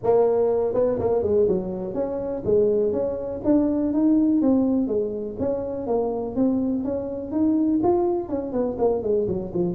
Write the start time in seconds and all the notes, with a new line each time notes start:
0.03 A#3
0.74 B3
0.99 A#3
1.22 G#3
1.47 F#3
1.94 C#4
2.44 G#3
2.92 C#4
3.44 D4
3.93 D#4
4.41 C4
4.87 G#3
5.39 C#4
5.86 A#3
6.35 C4
6.83 C#4
7.31 D#4
7.83 F4
8.29 C#4
8.52 B3
8.78 A#3
9.02 G#3
9.27 F#3
9.53 F3